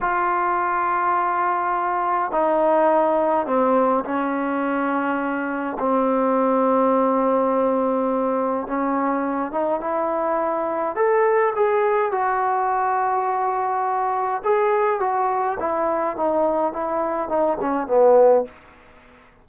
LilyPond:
\new Staff \with { instrumentName = "trombone" } { \time 4/4 \tempo 4 = 104 f'1 | dis'2 c'4 cis'4~ | cis'2 c'2~ | c'2. cis'4~ |
cis'8 dis'8 e'2 a'4 | gis'4 fis'2.~ | fis'4 gis'4 fis'4 e'4 | dis'4 e'4 dis'8 cis'8 b4 | }